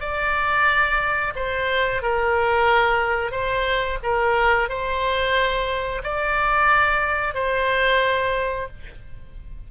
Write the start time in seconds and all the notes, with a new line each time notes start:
0.00 D5
1.35 C5
2.02 A#4
3.31 C5
4.03 A#4
4.68 C5
6.03 D5
7.34 C5